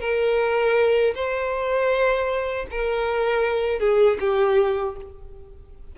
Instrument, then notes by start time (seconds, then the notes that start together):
violin
0.00 A#4
1.14 C5
2.71 A#4
3.79 G#4
4.20 G4